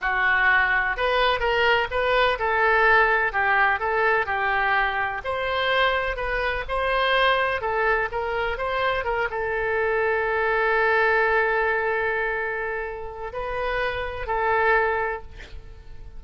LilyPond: \new Staff \with { instrumentName = "oboe" } { \time 4/4 \tempo 4 = 126 fis'2 b'4 ais'4 | b'4 a'2 g'4 | a'4 g'2 c''4~ | c''4 b'4 c''2 |
a'4 ais'4 c''4 ais'8 a'8~ | a'1~ | a'1 | b'2 a'2 | }